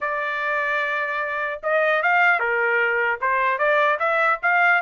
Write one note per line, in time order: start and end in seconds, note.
0.00 1.60 D5
1.63 2.02 D#5
2.02 2.39 F5
2.39 3.19 A#4
3.21 3.58 C5
3.58 3.98 D5
3.99 4.39 E5
4.42 4.81 F5